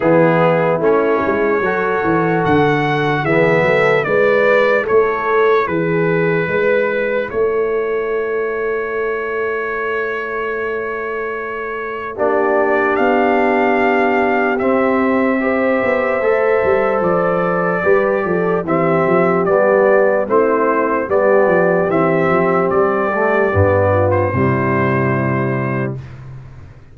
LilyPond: <<
  \new Staff \with { instrumentName = "trumpet" } { \time 4/4 \tempo 4 = 74 gis'4 cis''2 fis''4 | e''4 d''4 cis''4 b'4~ | b'4 cis''2.~ | cis''2. d''4 |
f''2 e''2~ | e''4 d''2 e''4 | d''4 c''4 d''4 e''4 | d''4.~ d''16 c''2~ c''16 | }
  \new Staff \with { instrumentName = "horn" } { \time 4/4 e'2 a'2 | gis'8 a'8 b'4 a'4 gis'4 | b'4 a'2.~ | a'2. g'4~ |
g'2. c''4~ | c''2 b'8 a'8 g'4~ | g'4 e'4 g'2~ | g'4. f'8 e'2 | }
  \new Staff \with { instrumentName = "trombone" } { \time 4/4 b4 cis'4 fis'2 | b4 e'2.~ | e'1~ | e'2. d'4~ |
d'2 c'4 g'4 | a'2 g'4 c'4 | b4 c'4 b4 c'4~ | c'8 a8 b4 g2 | }
  \new Staff \with { instrumentName = "tuba" } { \time 4/4 e4 a8 gis8 fis8 e8 d4 | e8 fis8 gis4 a4 e4 | gis4 a2.~ | a2. ais4 |
b2 c'4. b8 | a8 g8 f4 g8 f8 e8 f8 | g4 a4 g8 f8 e8 f8 | g4 g,4 c2 | }
>>